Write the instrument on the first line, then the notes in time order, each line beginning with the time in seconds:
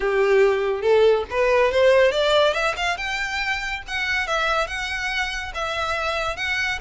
violin
0.00 G4
0.81 A4
1.30 B4
1.71 C5
2.11 D5
2.53 E5
2.76 F5
2.97 G5
3.87 F#5
4.27 E5
4.67 F#5
5.54 E5
6.36 F#5